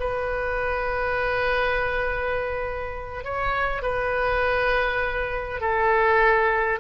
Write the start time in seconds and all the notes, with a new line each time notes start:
0.00 B4
3.24 C#5
3.82 B4
5.61 A4